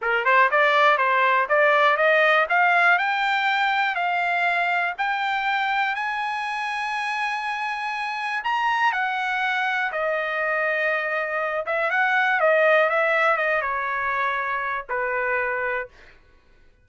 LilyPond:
\new Staff \with { instrumentName = "trumpet" } { \time 4/4 \tempo 4 = 121 ais'8 c''8 d''4 c''4 d''4 | dis''4 f''4 g''2 | f''2 g''2 | gis''1~ |
gis''4 ais''4 fis''2 | dis''2.~ dis''8 e''8 | fis''4 dis''4 e''4 dis''8 cis''8~ | cis''2 b'2 | }